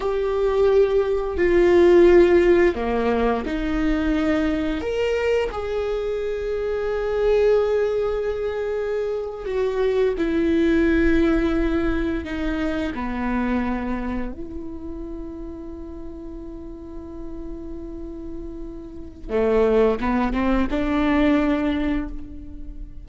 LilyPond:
\new Staff \with { instrumentName = "viola" } { \time 4/4 \tempo 4 = 87 g'2 f'2 | ais4 dis'2 ais'4 | gis'1~ | gis'4.~ gis'16 fis'4 e'4~ e'16~ |
e'4.~ e'16 dis'4 b4~ b16~ | b8. e'2.~ e'16~ | e'1 | a4 b8 c'8 d'2 | }